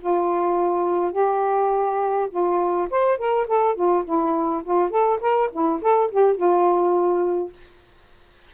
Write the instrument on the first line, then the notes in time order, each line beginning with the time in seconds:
saxophone
0.00 F4
1.12 G4
2.30 F4
2.90 C5
3.17 A#4
3.47 A4
3.75 F4
4.04 E4
4.63 F4
4.90 A4
5.21 A#4
5.52 E4
5.81 A4
6.10 G4
6.36 F4